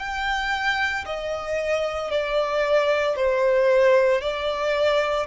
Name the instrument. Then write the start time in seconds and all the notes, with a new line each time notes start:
violin
0.00 G5
1.06 D#5
2.11 D5
3.17 C5
4.22 D5